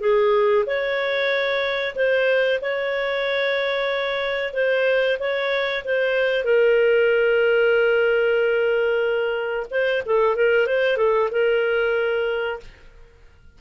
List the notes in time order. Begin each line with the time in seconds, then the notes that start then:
0.00 G#4
0.66 C#5
1.95 C5
2.61 C#5
4.53 C5
5.19 C#5
5.84 C5
6.44 A#4
9.70 C5
10.06 A4
10.36 A#4
10.67 C5
10.97 A4
11.31 A#4